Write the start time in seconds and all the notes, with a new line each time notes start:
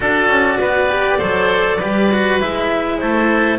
0.00 D4 F#4 A4 D5
0.28 C#4
0.60 B3 B4
0.89 G4
1.18 F#3 A4 C5
1.77 G3 G4 B4
2.12 F#4
2.40 G#3 E4 E5
2.98 A3 A4 C5